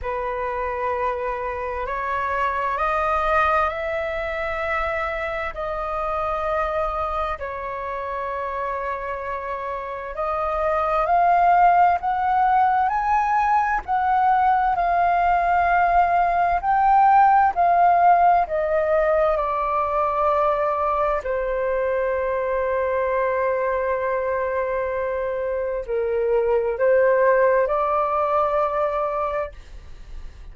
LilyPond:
\new Staff \with { instrumentName = "flute" } { \time 4/4 \tempo 4 = 65 b'2 cis''4 dis''4 | e''2 dis''2 | cis''2. dis''4 | f''4 fis''4 gis''4 fis''4 |
f''2 g''4 f''4 | dis''4 d''2 c''4~ | c''1 | ais'4 c''4 d''2 | }